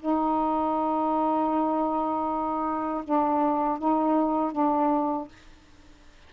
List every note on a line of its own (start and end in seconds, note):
0.00 3.04 D#4
3.04 3.79 D4
3.79 4.53 D#4
4.53 5.29 D4